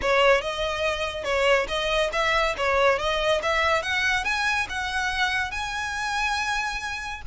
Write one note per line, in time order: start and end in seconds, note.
0.01 0.41 C#5
0.41 1.24 D#5
1.24 1.66 C#5
1.68 2.10 D#5
2.12 2.55 E5
2.57 2.98 C#5
2.98 3.41 D#5
3.42 3.82 E5
3.82 4.24 F#5
4.24 4.67 G#5
4.69 5.51 F#5
5.51 7.21 G#5